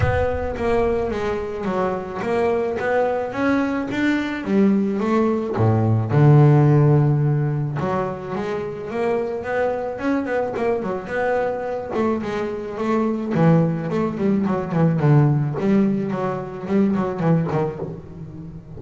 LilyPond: \new Staff \with { instrumentName = "double bass" } { \time 4/4 \tempo 4 = 108 b4 ais4 gis4 fis4 | ais4 b4 cis'4 d'4 | g4 a4 a,4 d4~ | d2 fis4 gis4 |
ais4 b4 cis'8 b8 ais8 fis8 | b4. a8 gis4 a4 | e4 a8 g8 fis8 e8 d4 | g4 fis4 g8 fis8 e8 dis8 | }